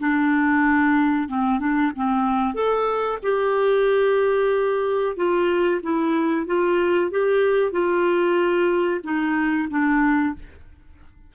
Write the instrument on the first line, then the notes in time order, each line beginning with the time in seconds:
clarinet
0.00 D4
1.28 C4
1.60 D4
1.96 C4
2.54 A4
3.23 G4
5.16 F4
5.83 E4
6.46 F4
7.11 G4
7.72 F4
9.04 D#4
9.70 D4